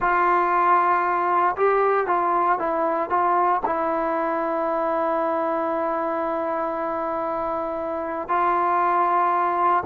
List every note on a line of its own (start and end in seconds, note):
0.00 1.56 F4
1.56 2.07 G4
2.07 2.58 F4
2.59 3.09 E4
3.09 3.61 F4
3.65 8.28 E4
8.28 9.83 F4